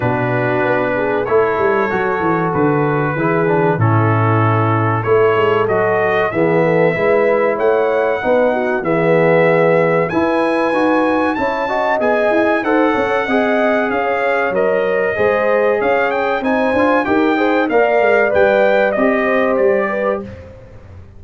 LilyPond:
<<
  \new Staff \with { instrumentName = "trumpet" } { \time 4/4 \tempo 4 = 95 b'2 cis''2 | b'2 a'2 | cis''4 dis''4 e''2 | fis''2 e''2 |
gis''2 a''4 gis''4 | fis''2 f''4 dis''4~ | dis''4 f''8 g''8 gis''4 g''4 | f''4 g''4 dis''4 d''4 | }
  \new Staff \with { instrumentName = "horn" } { \time 4/4 fis'4. gis'8 a'2~ | a'4 gis'4 e'2 | a'2 gis'8 a'8 b'4 | cis''4 b'8 fis'8 gis'2 |
b'2 cis''8 dis''4. | c''8 cis''8 dis''4 cis''2 | c''4 cis''4 c''4 ais'8 c''8 | d''2~ d''8 c''4 b'8 | }
  \new Staff \with { instrumentName = "trombone" } { \time 4/4 d'2 e'4 fis'4~ | fis'4 e'8 d'8 cis'2 | e'4 fis'4 b4 e'4~ | e'4 dis'4 b2 |
e'4 fis'4 e'8 fis'8 gis'4 | a'4 gis'2 ais'4 | gis'2 dis'8 f'8 g'8 gis'8 | ais'4 b'4 g'2 | }
  \new Staff \with { instrumentName = "tuba" } { \time 4/4 b,4 b4 a8 g8 fis8 e8 | d4 e4 a,2 | a8 gis8 fis4 e4 gis4 | a4 b4 e2 |
e'4 dis'4 cis'4 b8 e'8 | dis'8 cis'8 c'4 cis'4 fis4 | gis4 cis'4 c'8 d'8 dis'4 | ais8 gis8 g4 c'4 g4 | }
>>